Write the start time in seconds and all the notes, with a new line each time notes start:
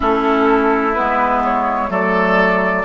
0.00 A3 C#4 E4 A4
0.94 G#3 B3 B4
1.44 C#5
1.88 F#3 A3 A4 D5